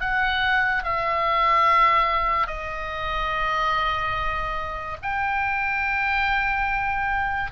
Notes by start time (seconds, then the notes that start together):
0.00 F#5
0.83 E5
2.47 D#5
5.02 G5